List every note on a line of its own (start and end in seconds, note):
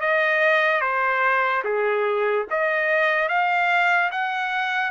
0.00 0.81 D#5
0.81 1.63 C5
1.64 2.46 G#4
2.50 3.28 D#5
3.28 4.11 F5
4.11 4.91 F#5